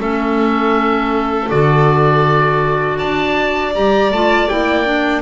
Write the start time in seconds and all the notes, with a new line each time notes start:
0.00 A3 C#4 A4 E5
1.48 D3 F#4 D5
2.98 D4 D5 A5
3.74 G3 G4 A#5
4.11 A3 F4 A5
4.49 A#3 E4 G5
4.85 D4